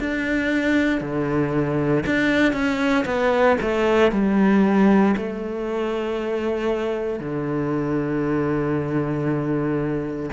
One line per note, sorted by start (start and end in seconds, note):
0.00 1.01 D4
1.01 2.04 D3
2.06 2.53 D4
2.53 3.05 C#4
3.05 3.57 B3
3.61 4.12 A3
4.12 5.15 G3
5.17 7.20 A3
7.20 10.30 D3